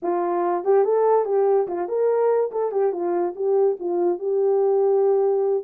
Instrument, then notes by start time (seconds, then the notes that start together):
horn
0.02 F4
0.64 G4
0.84 A4
1.25 G4
1.67 F4
1.88 A#4
2.51 A4
2.71 G4
2.92 F4
3.35 G4
3.79 F4
4.18 G4